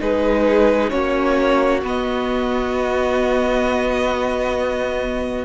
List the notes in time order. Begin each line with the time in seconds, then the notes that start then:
0.00 G#3 D#4 G#4 B4
0.90 A#3 C#4 F#4 C#5
1.83 B3 D#5